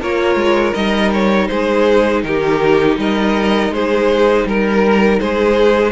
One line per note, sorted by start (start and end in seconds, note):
0.00 0.36 A#3
0.00 0.74 F4
0.00 1.48 A#4
0.00 0.74 C#5
0.36 0.73 G#3
0.74 1.50 G3
0.74 5.92 D#4
0.74 1.11 D#5
1.14 1.48 C#5
1.48 2.24 G#3
1.48 2.25 G#4
1.48 2.22 C5
2.23 2.97 D#3
2.23 3.00 G4
2.23 2.97 A#4
2.97 3.71 G3
2.97 3.74 A#4
2.97 3.74 D#5
3.71 4.45 G#3
3.71 4.49 G#4
3.71 4.48 C5
4.46 5.20 G3
4.46 5.20 A#4
4.46 5.21 A#4
5.20 5.92 G#3
5.20 5.92 G#4
5.20 5.92 C5